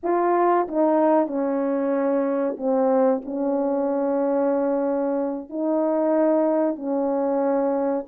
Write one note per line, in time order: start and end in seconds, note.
0.03 0.67 F4
0.67 1.27 D#4
1.27 2.56 C#4
2.57 3.21 C4
3.25 5.49 C#4
5.49 6.75 D#4
6.75 8.04 C#4